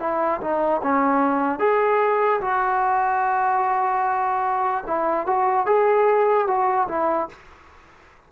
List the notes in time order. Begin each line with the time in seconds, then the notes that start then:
0.00 E4
0.41 D#4
0.83 C#4
1.60 G#4
2.41 F#4
4.87 E4
5.27 F#4
5.66 G#4
6.48 F#4
6.89 E4